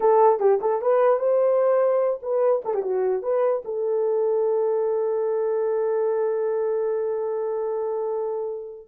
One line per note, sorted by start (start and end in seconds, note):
0.00 0.39 A4
0.39 0.59 G4
0.61 0.81 A4
0.81 1.19 B4
1.19 2.20 C5
2.22 2.62 B4
2.64 2.74 A4
2.74 2.82 G4
2.82 3.22 F#4
3.22 3.62 B4
3.64 8.88 A4